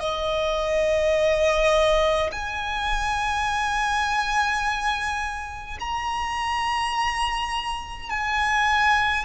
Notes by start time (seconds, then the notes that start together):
0.00 D#5
2.32 G#5
5.80 A#5
8.10 G#5